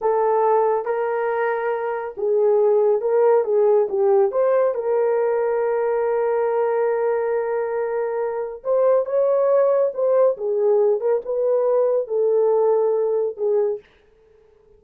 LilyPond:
\new Staff \with { instrumentName = "horn" } { \time 4/4 \tempo 4 = 139 a'2 ais'2~ | ais'4 gis'2 ais'4 | gis'4 g'4 c''4 ais'4~ | ais'1~ |
ais'1 | c''4 cis''2 c''4 | gis'4. ais'8 b'2 | a'2. gis'4 | }